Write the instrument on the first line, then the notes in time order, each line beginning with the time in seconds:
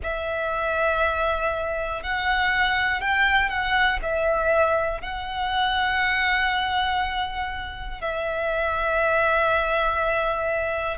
violin
0.03 E5
2.02 F#5
3.00 G5
3.49 F#5
4.02 E5
5.01 F#5
8.01 E5